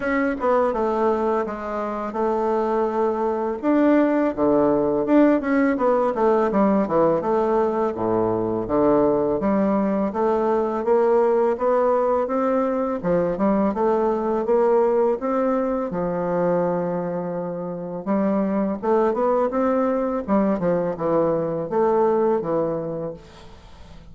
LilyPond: \new Staff \with { instrumentName = "bassoon" } { \time 4/4 \tempo 4 = 83 cis'8 b8 a4 gis4 a4~ | a4 d'4 d4 d'8 cis'8 | b8 a8 g8 e8 a4 a,4 | d4 g4 a4 ais4 |
b4 c'4 f8 g8 a4 | ais4 c'4 f2~ | f4 g4 a8 b8 c'4 | g8 f8 e4 a4 e4 | }